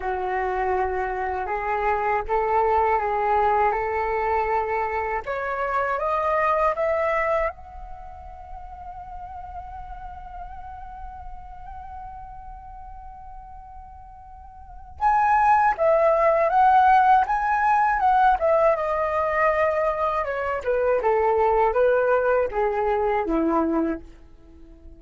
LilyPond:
\new Staff \with { instrumentName = "flute" } { \time 4/4 \tempo 4 = 80 fis'2 gis'4 a'4 | gis'4 a'2 cis''4 | dis''4 e''4 fis''2~ | fis''1~ |
fis''1 | gis''4 e''4 fis''4 gis''4 | fis''8 e''8 dis''2 cis''8 b'8 | a'4 b'4 gis'4 e'4 | }